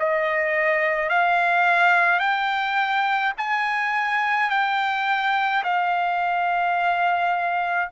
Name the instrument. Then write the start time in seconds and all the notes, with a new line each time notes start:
trumpet
0.00 D#5
1.10 F5
2.20 G5
3.38 G#5
4.50 G5
5.63 F5